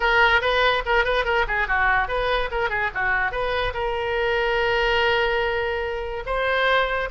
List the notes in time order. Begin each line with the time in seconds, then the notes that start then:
0.00 A#4
0.41 B4
0.85 A#4
1.04 B4
1.24 A#4
1.47 G#4
1.67 F#4
2.08 B4
2.51 A#4
2.69 G#4
2.94 F#4
3.31 B4
3.73 A#4
6.26 C5